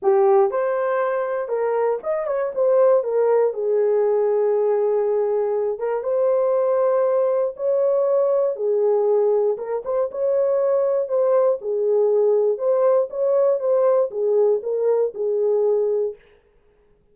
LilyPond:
\new Staff \with { instrumentName = "horn" } { \time 4/4 \tempo 4 = 119 g'4 c''2 ais'4 | dis''8 cis''8 c''4 ais'4 gis'4~ | gis'2.~ gis'8 ais'8 | c''2. cis''4~ |
cis''4 gis'2 ais'8 c''8 | cis''2 c''4 gis'4~ | gis'4 c''4 cis''4 c''4 | gis'4 ais'4 gis'2 | }